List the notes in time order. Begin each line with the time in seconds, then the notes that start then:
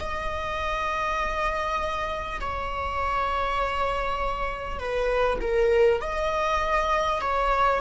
0.00 D#5
2.40 C#5
4.79 B4
5.41 A#4
6.01 D#5
7.21 C#5